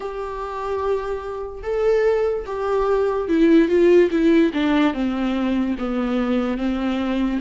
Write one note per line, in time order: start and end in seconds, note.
0.00 1.62 G4
1.63 2.45 A4
2.46 3.28 G4
3.28 3.68 E4
3.68 4.09 F4
4.10 4.51 E4
4.53 4.93 D4
4.93 5.75 C4
5.78 6.57 B3
6.57 7.39 C4